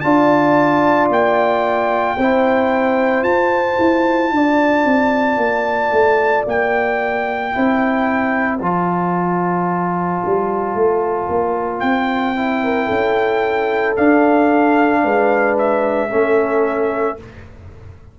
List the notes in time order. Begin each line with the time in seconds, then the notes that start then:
0.00 D4 F4 D5 A5
1.09 A#3 G5
2.17 C4 E4 C5
3.23 F4 A5
3.78 E4
4.31 D4 D5
4.84 C4
5.37 A#3
5.91 A3
6.46 A#3 G5
7.51 C4 E4 C5
8.58 F3 F4 A5
10.25 G3
10.74 A3
11.28 A#3
11.79 C4 G5
12.35 E4
12.63 A#4
12.85 C#4 A4
13.96 D4 F5
15.03 G#3 B4
15.58 E5
16.10 A3 C#4 A4